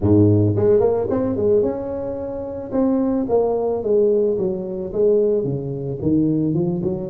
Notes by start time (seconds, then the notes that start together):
0.00 G#2
0.56 G#3
0.79 A#3
1.10 C4
1.36 G#3
1.62 C#4
2.71 C4
3.29 A#3
3.83 G#3
4.38 F#3
4.92 G#3
5.43 C#3
6.01 D#3
6.53 F3
6.83 F#3